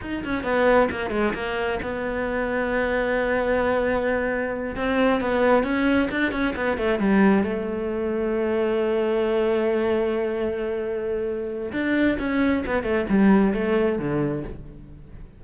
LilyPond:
\new Staff \with { instrumentName = "cello" } { \time 4/4 \tempo 4 = 133 dis'8 cis'8 b4 ais8 gis8 ais4 | b1~ | b2~ b8 c'4 b8~ | b8 cis'4 d'8 cis'8 b8 a8 g8~ |
g8 a2.~ a8~ | a1~ | a2 d'4 cis'4 | b8 a8 g4 a4 d4 | }